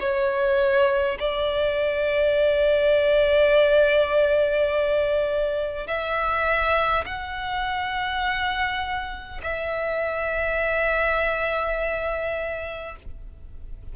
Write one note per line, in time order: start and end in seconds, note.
0.00 1.18 C#5
1.19 5.87 D5
5.87 7.05 E5
7.06 9.41 F#5
9.43 12.96 E5